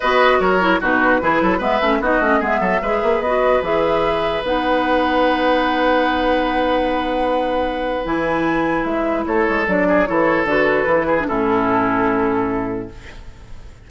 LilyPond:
<<
  \new Staff \with { instrumentName = "flute" } { \time 4/4 \tempo 4 = 149 dis''4 cis''4 b'2 | e''4 dis''4 e''2 | dis''4 e''2 fis''4~ | fis''1~ |
fis''1 | gis''2 e''4 cis''4 | d''4 cis''4 b'2 | a'1 | }
  \new Staff \with { instrumentName = "oboe" } { \time 4/4 b'4 ais'4 fis'4 gis'8 a'8 | b'4 fis'4 gis'8 a'8 b'4~ | b'1~ | b'1~ |
b'1~ | b'2. a'4~ | a'8 gis'8 a'2~ a'8 gis'8 | e'1 | }
  \new Staff \with { instrumentName = "clarinet" } { \time 4/4 fis'4. e'8 dis'4 e'4 | b8 cis'8 dis'8 cis'8 b4 gis'4 | fis'4 gis'2 dis'4~ | dis'1~ |
dis'1 | e'1 | d'4 e'4 fis'4 e'8. d'16 | cis'1 | }
  \new Staff \with { instrumentName = "bassoon" } { \time 4/4 b4 fis4 b,4 e8 fis8 | gis8 a8 b8 a8 gis8 fis8 gis8 ais8 | b4 e2 b4~ | b1~ |
b1 | e2 gis4 a8 gis8 | fis4 e4 d4 e4 | a,1 | }
>>